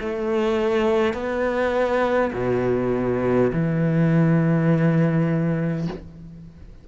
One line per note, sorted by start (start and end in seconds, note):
0.00 1.13 A3
1.13 2.31 B3
2.33 3.51 B2
3.52 5.88 E3